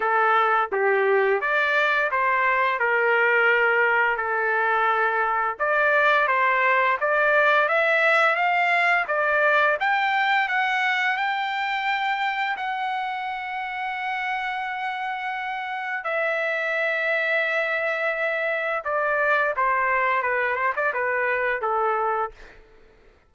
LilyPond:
\new Staff \with { instrumentName = "trumpet" } { \time 4/4 \tempo 4 = 86 a'4 g'4 d''4 c''4 | ais'2 a'2 | d''4 c''4 d''4 e''4 | f''4 d''4 g''4 fis''4 |
g''2 fis''2~ | fis''2. e''4~ | e''2. d''4 | c''4 b'8 c''16 d''16 b'4 a'4 | }